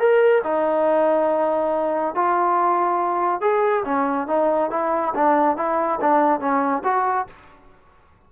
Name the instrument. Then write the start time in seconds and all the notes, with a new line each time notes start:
trombone
0.00 A#4
0.44 D#4
2.15 F4
3.41 G#4
3.85 C#4
4.28 D#4
4.71 E4
5.15 D4
5.57 E4
6.01 D4
6.40 C#4
6.84 F#4